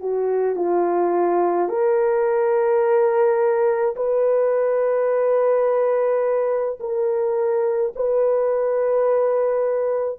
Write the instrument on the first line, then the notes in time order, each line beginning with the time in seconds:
horn
0.00 F#4
0.56 F4
1.69 A#4
3.96 B4
6.80 A#4
7.96 B4